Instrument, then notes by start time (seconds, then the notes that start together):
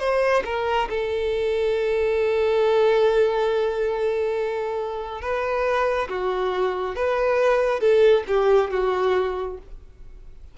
violin
0.00 C5
0.45 A#4
0.90 A4
5.22 B4
6.09 F#4
6.96 B4
7.81 A4
8.28 G4
8.71 F#4